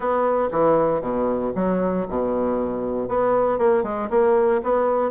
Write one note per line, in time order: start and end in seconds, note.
0.00 0.49 B3
0.51 1.01 E3
1.01 1.52 B2
1.55 2.06 F#3
2.09 3.08 B2
3.08 3.58 B3
3.58 3.83 A#3
3.83 4.09 G#3
4.09 4.61 A#3
4.63 5.10 B3